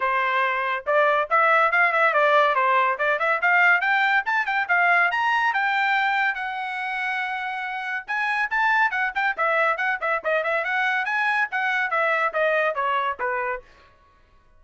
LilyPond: \new Staff \with { instrumentName = "trumpet" } { \time 4/4 \tempo 4 = 141 c''2 d''4 e''4 | f''8 e''8 d''4 c''4 d''8 e''8 | f''4 g''4 a''8 g''8 f''4 | ais''4 g''2 fis''4~ |
fis''2. gis''4 | a''4 fis''8 g''8 e''4 fis''8 e''8 | dis''8 e''8 fis''4 gis''4 fis''4 | e''4 dis''4 cis''4 b'4 | }